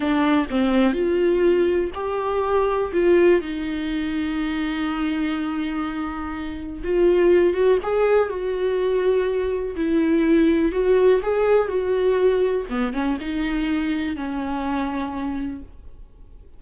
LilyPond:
\new Staff \with { instrumentName = "viola" } { \time 4/4 \tempo 4 = 123 d'4 c'4 f'2 | g'2 f'4 dis'4~ | dis'1~ | dis'2 f'4. fis'8 |
gis'4 fis'2. | e'2 fis'4 gis'4 | fis'2 b8 cis'8 dis'4~ | dis'4 cis'2. | }